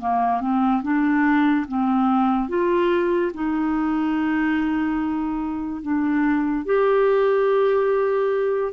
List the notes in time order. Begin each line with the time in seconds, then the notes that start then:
0.00 A#3
0.40 C4
0.82 D4
1.67 C4
2.48 F4
3.33 D#4
5.82 D4
6.65 G4